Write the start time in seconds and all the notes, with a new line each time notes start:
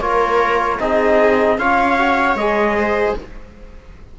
0.00 A#3 F4 A#4 C#5
0.78 C4 D#4 G#4 D#5
1.57 C#4 F4 C#5 F5
1.98 F#4
2.34 G#3 G#4 D#5
2.76 C5